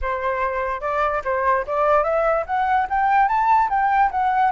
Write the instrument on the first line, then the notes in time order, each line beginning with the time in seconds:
flute
0.01 C5
0.81 D5
1.24 C5
1.66 D5
2.03 E5
2.46 F#5
2.89 G5
3.28 A5
3.69 G5
4.11 F#5